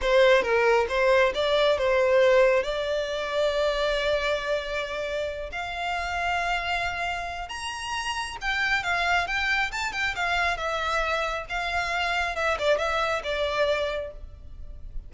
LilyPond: \new Staff \with { instrumentName = "violin" } { \time 4/4 \tempo 4 = 136 c''4 ais'4 c''4 d''4 | c''2 d''2~ | d''1~ | d''8 f''2.~ f''8~ |
f''4 ais''2 g''4 | f''4 g''4 a''8 g''8 f''4 | e''2 f''2 | e''8 d''8 e''4 d''2 | }